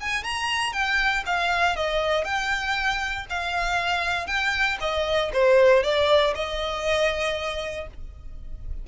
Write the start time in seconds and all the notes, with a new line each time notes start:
0.00 G#5
0.24 A#5
0.73 G5
1.26 F5
1.76 D#5
2.24 G5
3.30 F5
4.26 G5
4.80 D#5
5.33 C5
5.83 D5
6.34 D#5